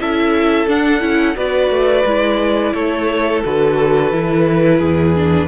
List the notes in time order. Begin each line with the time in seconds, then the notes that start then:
0.00 C#4 E4 A4 E5
0.67 D4 F#5
1.00 C#4 E4
1.36 B3 F#4 B4 D5
1.70 A3
2.05 G#3 E4
2.74 A3 A4 C#5
3.45 D3 F#4 B4
4.12 E3 E4
4.79 E2 G#4
5.16 D4